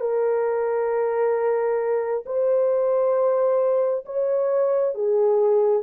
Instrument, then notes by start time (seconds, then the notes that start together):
horn
0.00 A#4
2.26 C5
4.05 C#5
4.94 G#4